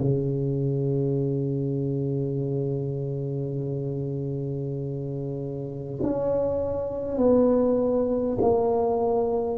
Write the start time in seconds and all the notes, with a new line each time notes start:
0.00 C#3
6.03 C#4
7.17 B3
8.41 A#3